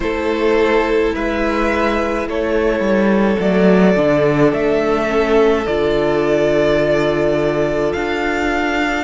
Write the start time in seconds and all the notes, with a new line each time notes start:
0.00 A3 E4 A4 C5
1.14 G#3 B4 E5
2.28 A3 A4 C#5
2.79 G3
3.39 F#3 A3 D5
3.96 D3 D4
4.53 A3 E5
5.07 C#4
5.66 D3 F4 D5
7.92 D4 F5